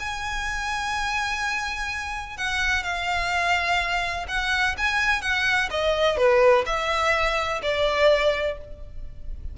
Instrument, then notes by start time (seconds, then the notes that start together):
violin
0.00 G#5
2.37 F#5
2.84 F5
4.28 F#5
4.78 G#5
5.22 F#5
5.71 D#5
6.17 B4
6.66 E5
7.63 D5